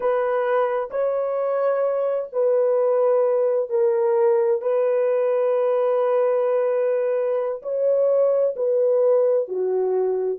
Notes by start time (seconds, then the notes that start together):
0.00 B4
0.90 C#5
2.32 B4
3.69 A#4
4.62 B4
7.62 C#5
8.56 B4
9.47 F#4